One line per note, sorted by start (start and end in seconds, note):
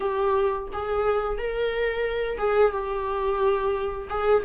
0.00 0.68 G4
0.73 1.38 G#4
1.38 2.37 A#4
2.37 2.71 G#4
2.71 4.08 G4
4.09 4.43 G#4